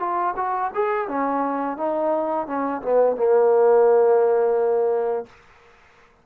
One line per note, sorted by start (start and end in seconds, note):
0.00 0.35 F4
0.36 0.71 F#4
0.75 1.08 G#4
1.08 1.77 C#4
1.77 2.47 D#4
2.47 2.82 C#4
2.82 3.17 B3
3.17 5.26 A#3